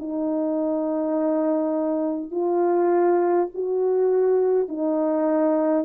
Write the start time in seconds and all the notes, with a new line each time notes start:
0.00 D#4
2.32 F4
3.55 F#4
4.69 D#4